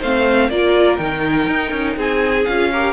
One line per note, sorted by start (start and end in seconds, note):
0.00 0.50 A3
0.00 0.52 C4
0.00 0.49 C5
0.00 0.50 F5
0.50 0.99 A#3
0.50 0.99 F4
0.50 1.97 A#4
0.50 0.97 D5
0.97 1.47 D#3
0.97 2.45 D#4
0.97 1.94 G5
1.47 1.72 D#4
1.72 1.96 C#4
1.97 2.46 C4
1.97 2.70 G#4
1.97 2.46 G#5
2.46 2.93 C#4
2.46 2.73 F4
2.46 2.93 F5
2.73 2.93 G4
2.73 2.93 A#4